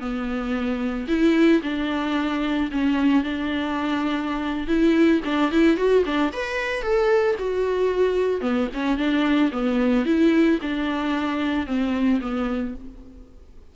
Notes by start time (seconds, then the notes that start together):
0.00 B3
1.08 E4
1.63 D4
2.71 C#4
3.23 D4
4.67 E4
5.24 D4
5.51 E4
5.77 F#4
6.05 D4
6.32 B4
6.82 A4
7.39 F#4
8.41 B3
8.74 C#4
8.97 D4
9.52 B3
10.05 E4
10.62 D4
11.66 C4
12.21 B3